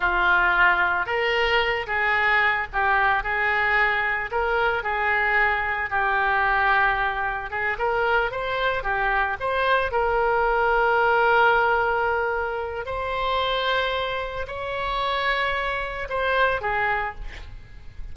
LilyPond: \new Staff \with { instrumentName = "oboe" } { \time 4/4 \tempo 4 = 112 f'2 ais'4. gis'8~ | gis'4 g'4 gis'2 | ais'4 gis'2 g'4~ | g'2 gis'8 ais'4 c''8~ |
c''8 g'4 c''4 ais'4.~ | ais'1 | c''2. cis''4~ | cis''2 c''4 gis'4 | }